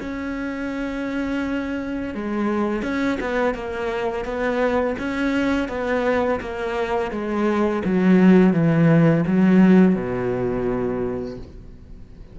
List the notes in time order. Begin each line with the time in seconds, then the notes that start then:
0.00 C#4
2.14 G#3
2.83 C#4
3.20 B3
3.55 A#3
4.25 B3
4.99 C#4
5.69 B3
6.40 A#3
7.11 G#3
7.85 F#3
8.53 E3
9.27 F#3
9.95 B2